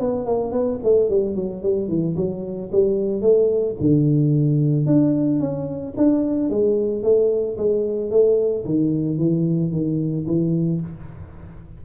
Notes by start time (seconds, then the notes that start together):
0.00 B3
0.26 A#3
0.52 B3
0.83 A3
1.09 G3
1.35 F#3
1.62 G3
1.88 E3
2.16 F#3
2.72 G3
3.21 A3
3.80 D3
4.86 D4
5.40 C#4
5.97 D4
6.50 G#3
7.03 A3
7.57 G#3
8.11 A3
8.65 D#3
9.18 E3
9.72 D#3
10.27 E3